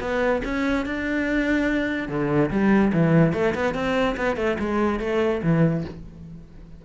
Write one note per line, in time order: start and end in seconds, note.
0.00 0.42 B3
0.44 0.85 C#4
0.85 2.08 D4
2.08 2.50 D3
2.50 2.91 G3
2.92 3.33 E3
3.33 3.54 A3
3.54 3.74 B3
3.74 4.16 C4
4.16 4.36 B3
4.36 4.57 A3
4.59 4.99 G#3
4.99 5.41 A3
5.42 5.84 E3